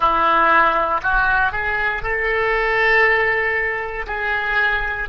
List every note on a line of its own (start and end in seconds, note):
0.00 1.00 E4
1.03 1.52 F#4
1.52 2.02 G#4
2.02 4.06 A4
4.07 5.08 G#4